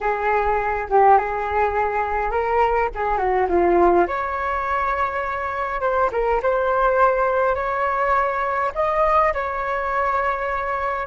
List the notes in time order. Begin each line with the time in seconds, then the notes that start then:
0.00 G#4
0.89 G4
1.18 G#4
2.31 A#4
2.94 G#4
3.17 F#4
3.48 F4
4.07 C#5
5.81 C5
6.12 A#4
6.42 C5
7.55 C#5
8.74 D#5
9.33 C#5